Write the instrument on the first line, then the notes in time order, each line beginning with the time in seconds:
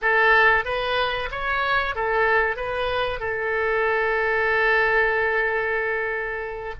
oboe
0.01 A4
0.65 B4
1.31 C#5
1.95 A4
2.56 B4
3.19 A4